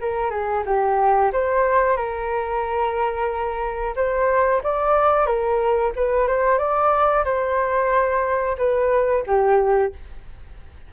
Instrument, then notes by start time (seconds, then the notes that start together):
flute
0.00 A#4
0.30 G#4
0.65 G4
1.32 C5
1.96 A#4
3.96 C5
4.63 D5
5.26 A#4
5.96 B4
6.27 C5
6.58 D5
7.24 C5
8.57 B4
9.26 G4